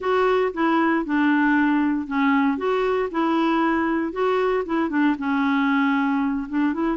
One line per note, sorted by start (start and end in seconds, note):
0.00 0.52 F#4
0.53 1.05 E4
1.05 2.07 D4
2.07 2.57 C#4
2.57 3.09 F#4
3.11 4.12 E4
4.12 4.64 F#4
4.65 4.89 E4
4.89 5.15 D4
5.18 6.47 C#4
6.48 6.73 D4
6.73 6.96 E4